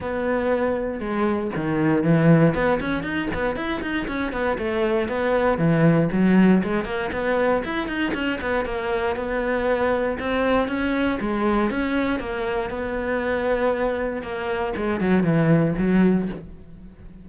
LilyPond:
\new Staff \with { instrumentName = "cello" } { \time 4/4 \tempo 4 = 118 b2 gis4 dis4 | e4 b8 cis'8 dis'8 b8 e'8 dis'8 | cis'8 b8 a4 b4 e4 | fis4 gis8 ais8 b4 e'8 dis'8 |
cis'8 b8 ais4 b2 | c'4 cis'4 gis4 cis'4 | ais4 b2. | ais4 gis8 fis8 e4 fis4 | }